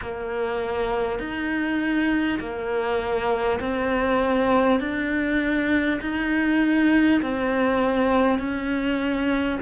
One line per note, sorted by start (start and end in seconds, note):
0.01 1.19 A#3
1.19 2.39 D#4
2.39 3.59 A#3
3.60 4.79 C4
4.79 5.99 D4
6.01 7.21 D#4
7.22 8.38 C4
8.38 9.58 C#4